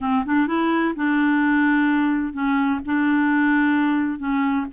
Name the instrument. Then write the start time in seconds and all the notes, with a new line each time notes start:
clarinet
0.01 C4
0.25 D4
0.47 E4
0.95 D4
2.33 C#4
2.85 D4
4.18 C#4